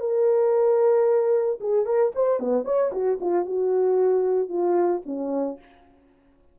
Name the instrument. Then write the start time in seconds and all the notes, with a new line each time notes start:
horn
0.00 A#4
1.60 G#4
1.86 A#4
2.15 C5
2.39 B3
2.65 C#5
2.92 F#4
3.20 F4
3.46 F#4
4.49 F4
5.06 C#4